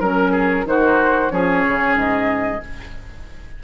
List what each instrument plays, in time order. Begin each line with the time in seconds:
0.00 bassoon F#3, clarinet C#4, oboe A#4, flute A#4
0.32 oboe G#4
0.65 bassoon D#3, clarinet D#4, oboe F#4, flute C5
1.30 bassoon F3, clarinet C#4, oboe G#4, flute C#5
1.67 bassoon C#3
1.95 bassoon G#2, flute D#5